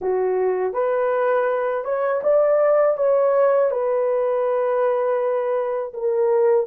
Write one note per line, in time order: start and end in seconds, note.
0.01 0.73 F#4
0.73 1.84 B4
1.84 2.21 C#5
2.23 2.97 D5
2.97 3.70 C#5
3.70 5.93 B4
5.93 6.66 A#4